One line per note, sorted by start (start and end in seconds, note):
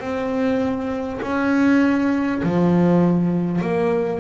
0.00 1.20 C4
1.22 2.42 C#4
2.43 3.62 F3
3.62 4.21 A#3